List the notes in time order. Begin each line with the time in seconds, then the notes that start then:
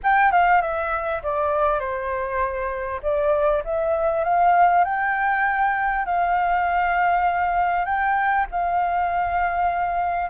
0.03 G5
0.31 F5
0.61 E5
1.22 D5
1.79 C5
3.02 D5
3.64 E5
4.24 F5
4.84 G5
6.05 F5
7.85 G5
8.51 F5